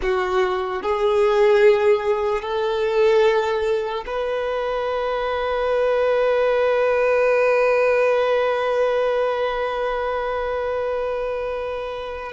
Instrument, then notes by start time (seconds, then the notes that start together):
violin
0.02 F#4
0.82 G#4
2.42 A4
4.06 B4